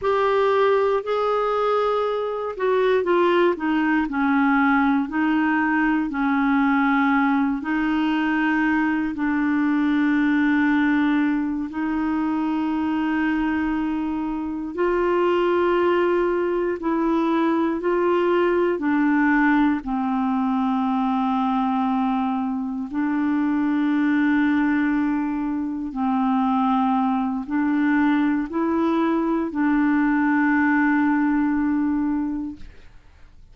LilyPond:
\new Staff \with { instrumentName = "clarinet" } { \time 4/4 \tempo 4 = 59 g'4 gis'4. fis'8 f'8 dis'8 | cis'4 dis'4 cis'4. dis'8~ | dis'4 d'2~ d'8 dis'8~ | dis'2~ dis'8 f'4.~ |
f'8 e'4 f'4 d'4 c'8~ | c'2~ c'8 d'4.~ | d'4. c'4. d'4 | e'4 d'2. | }